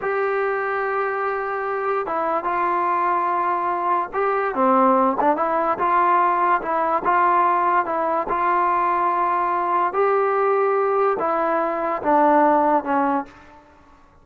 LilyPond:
\new Staff \with { instrumentName = "trombone" } { \time 4/4 \tempo 4 = 145 g'1~ | g'4 e'4 f'2~ | f'2 g'4 c'4~ | c'8 d'8 e'4 f'2 |
e'4 f'2 e'4 | f'1 | g'2. e'4~ | e'4 d'2 cis'4 | }